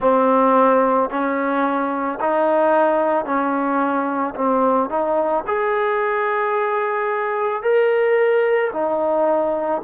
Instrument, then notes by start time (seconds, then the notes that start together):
trombone
0.00 C4
1.10 C#4
2.20 D#4
3.25 C#4
4.35 C4
4.89 D#4
5.46 G#4
7.62 A#4
8.72 D#4